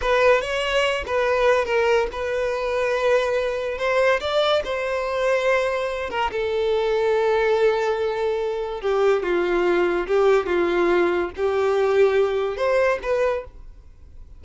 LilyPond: \new Staff \with { instrumentName = "violin" } { \time 4/4 \tempo 4 = 143 b'4 cis''4. b'4. | ais'4 b'2.~ | b'4 c''4 d''4 c''4~ | c''2~ c''8 ais'8 a'4~ |
a'1~ | a'4 g'4 f'2 | g'4 f'2 g'4~ | g'2 c''4 b'4 | }